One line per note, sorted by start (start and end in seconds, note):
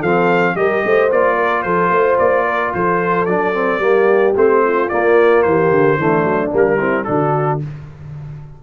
0.00 0.56 F3
0.00 0.56 C4
0.00 0.54 A4
0.00 0.57 F5
0.56 0.83 G3
0.56 1.10 G4
0.56 0.85 A#4
0.56 1.11 D#5
0.85 1.12 A3
0.85 1.35 C5
1.11 1.65 A#3
1.11 3.27 F4
1.11 1.63 D5
1.35 1.62 A#4
1.63 1.90 F3
1.63 1.92 A4
1.63 2.17 C5
1.90 2.17 A3
1.90 2.46 C5
2.19 2.74 A#3
2.19 2.73 D5
2.46 2.73 A#4
2.74 3.27 F3
2.74 3.84 A4
2.74 3.26 C5
3.26 3.79 F#3
3.26 3.54 D4
3.26 4.34 D5
3.54 3.81 C4
3.79 4.33 G3
3.79 4.35 A#3
3.79 4.64 G4
4.36 4.90 A3
4.36 4.90 C4
4.36 4.89 C5
4.64 5.45 F4
4.89 5.99 A#3
4.89 5.46 A#3
4.89 5.43 D5
5.43 5.71 E3
5.43 5.98 G4
5.43 6.51 C5
5.71 5.98 D3
5.98 6.24 E3
5.98 6.51 A3
5.98 6.78 D4
6.24 6.51 F#3
6.51 7.07 G3
6.51 6.78 A#3
6.57 7.04 A#4
6.78 7.06 C4
6.78 7.05 E4
7.04 7.63 D3
7.04 7.60 D4
7.04 7.63 F#4
7.04 7.58 A4